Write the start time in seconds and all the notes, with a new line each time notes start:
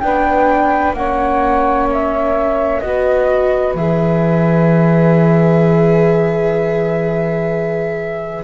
0.00 B3 D4 B4 G5
0.93 A#3 C#4 C#5 F#5
1.92 E5
2.80 B3 F#4 B4 D#5
3.75 E3 G#4 E5